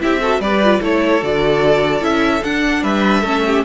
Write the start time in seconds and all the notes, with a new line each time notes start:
0.00 C4 E4 G4 E5
0.20 F#4 A4
0.39 G3 G4 B4 D5
0.63 F4
0.81 A3 E4 A4 C#5
1.21 D3 F#4 D5
2.00 C#4 E4 E5
2.43 D4 F#5
2.82 G3 B4 E5
3.21 A3 C#4 A4
3.45 G4